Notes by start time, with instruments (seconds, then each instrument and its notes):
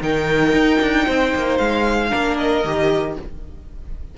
0.00 cello D#3, viola D#4, violin A#4 G5
0.53 cello D#4
0.81 cello D4
1.05 cello C4, violin C5
1.35 cello A#3
1.58 cello G#3, violin F5
2.09 cello A#3, viola D4, violin A#4
2.37 violin D#5
2.64 cello D#3, viola G4